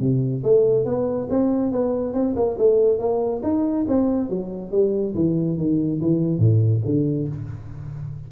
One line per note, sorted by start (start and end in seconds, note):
0.00 0.43 C3
0.44 0.85 A3
0.85 1.28 B3
1.30 1.72 C4
1.72 2.14 B3
2.14 2.35 C4
2.36 2.57 A#3
2.59 2.99 A3
2.99 3.42 A#3
3.43 3.86 D#4
3.88 4.30 C4
4.30 4.72 F#3
4.72 5.14 G3
5.15 5.58 E3
5.58 6.00 D#3
6.01 6.39 E3
6.39 6.82 A2
6.85 7.28 D3